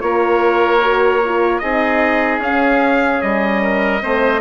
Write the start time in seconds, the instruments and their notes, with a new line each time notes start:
0.00 bassoon A#3, horn F4, oboe A#4, trumpet C#5
0.82 horn F#4
1.25 horn F4
1.59 bassoon C4, horn D#4, oboe G#4, trumpet D#5
2.39 bassoon C#4, horn C#4, trumpet F5
3.22 bassoon G3, trumpet D#5
3.62 oboe A#4
4.01 bassoon A3, horn C4, oboe C5